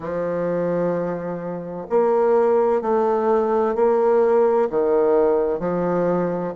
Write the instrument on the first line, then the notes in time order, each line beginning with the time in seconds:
bassoon
0.00 F3
1.89 A#3
2.81 A3
3.75 A#3
4.70 D#3
5.59 F3